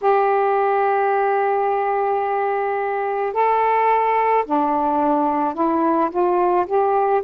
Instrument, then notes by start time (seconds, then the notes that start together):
saxophone
0.01 G4
3.33 A4
4.45 D4
5.54 E4
6.10 F4
6.66 G4